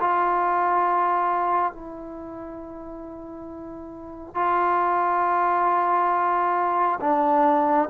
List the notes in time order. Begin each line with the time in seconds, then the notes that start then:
0.00 F4
1.72 E4
4.35 F4
7.01 D4